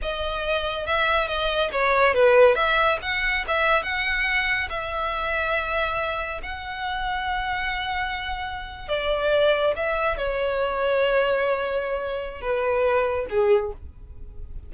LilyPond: \new Staff \with { instrumentName = "violin" } { \time 4/4 \tempo 4 = 140 dis''2 e''4 dis''4 | cis''4 b'4 e''4 fis''4 | e''4 fis''2 e''4~ | e''2. fis''4~ |
fis''1~ | fis''8. d''2 e''4 cis''16~ | cis''1~ | cis''4 b'2 gis'4 | }